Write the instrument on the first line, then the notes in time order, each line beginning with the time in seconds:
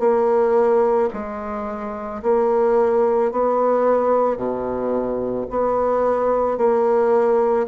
bassoon
0.00 A#3
1.14 G#3
2.23 A#3
3.32 B3
4.37 B2
5.50 B3
6.58 A#3